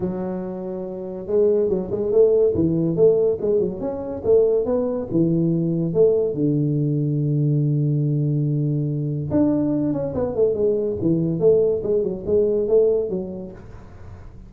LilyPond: \new Staff \with { instrumentName = "tuba" } { \time 4/4 \tempo 4 = 142 fis2. gis4 | fis8 gis8 a4 e4 a4 | gis8 fis8 cis'4 a4 b4 | e2 a4 d4~ |
d1~ | d2 d'4. cis'8 | b8 a8 gis4 e4 a4 | gis8 fis8 gis4 a4 fis4 | }